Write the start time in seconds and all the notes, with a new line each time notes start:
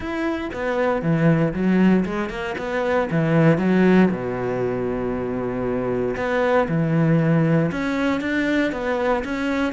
0.00 E4
0.53 B3
1.02 E3
1.53 F#3
2.05 G#3
2.29 A#3
2.58 B3
3.10 E3
3.58 F#3
4.10 B2
6.16 B3
6.68 E3
7.71 C#4
8.21 D4
8.72 B3
9.24 C#4